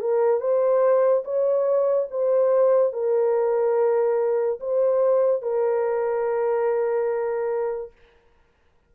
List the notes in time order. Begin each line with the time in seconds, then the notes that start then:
0.00 A#4
0.40 C5
1.24 C#5
2.10 C5
2.93 A#4
4.60 C5
5.42 A#4